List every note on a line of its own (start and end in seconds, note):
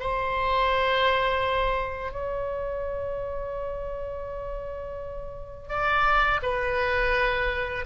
0.00 2.12 C5
2.12 5.69 C#5
5.69 6.40 D5
6.42 7.85 B4